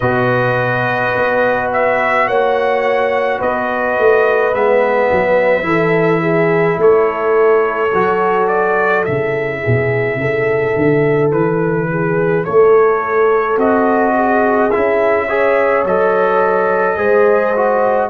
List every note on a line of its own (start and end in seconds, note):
0.00 1.13 B2
0.00 4.54 F#4
0.00 2.26 B4
0.00 1.69 D#5
1.15 2.27 B3
1.72 2.28 E5
2.27 3.40 A#3
2.27 3.38 C#5
2.27 3.41 F#5
3.38 3.98 B3
3.38 5.65 B4
3.38 4.54 D#5
3.98 4.53 A3
4.53 5.10 G#3
4.53 5.62 B3
4.53 6.80 E5
5.11 5.63 F#3
5.62 6.76 E3
5.62 7.88 E4
5.62 6.21 A4
6.21 6.77 G#4
6.77 7.91 A3
6.77 9.61 A4
6.77 8.47 C#5
7.93 9.07 F#3
7.93 9.05 F#4
8.47 9.04 D5
9.04 9.64 C#3
9.04 13.57 E4
9.04 11.31 E5
9.61 10.16 B2
9.61 10.17 G#4
10.16 10.72 C#3
10.16 11.90 A4
10.75 11.32 D3
11.31 12.45 E3
11.31 12.44 B4
11.90 12.45 G#4
12.44 13.57 A3
12.44 14.14 A4
12.44 13.58 C#5
13.57 14.70 C4
13.57 14.71 F#4
13.57 14.70 D#5
14.15 15.26 G#4
14.70 15.84 C#4
14.70 15.29 E4
14.70 15.83 E5
15.26 15.85 G#4
15.26 16.96 C#5
15.84 16.97 F#3
15.84 16.97 A4
15.84 18.09 D#5
16.96 18.09 G#3
16.96 17.53 G#4
16.96 18.09 C5
17.55 18.09 F#4